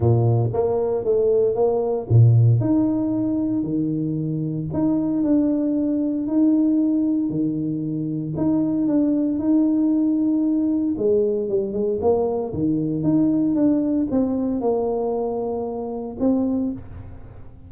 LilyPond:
\new Staff \with { instrumentName = "tuba" } { \time 4/4 \tempo 4 = 115 ais,4 ais4 a4 ais4 | ais,4 dis'2 dis4~ | dis4 dis'4 d'2 | dis'2 dis2 |
dis'4 d'4 dis'2~ | dis'4 gis4 g8 gis8 ais4 | dis4 dis'4 d'4 c'4 | ais2. c'4 | }